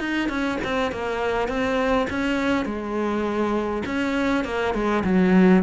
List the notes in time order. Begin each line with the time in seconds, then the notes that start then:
0.00 D#4
0.29 C#4
0.64 C4
0.92 A#3
1.49 C4
2.10 C#4
2.66 G#3
3.86 C#4
4.45 A#3
4.75 G#3
5.05 F#3